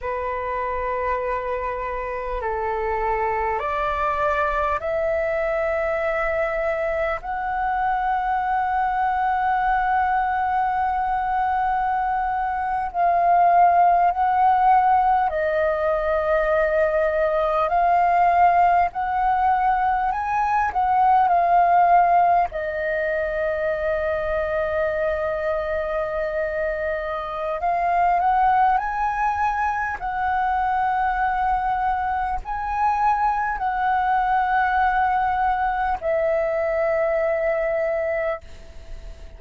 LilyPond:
\new Staff \with { instrumentName = "flute" } { \time 4/4 \tempo 4 = 50 b'2 a'4 d''4 | e''2 fis''2~ | fis''2~ fis''8. f''4 fis''16~ | fis''8. dis''2 f''4 fis''16~ |
fis''8. gis''8 fis''8 f''4 dis''4~ dis''16~ | dis''2. f''8 fis''8 | gis''4 fis''2 gis''4 | fis''2 e''2 | }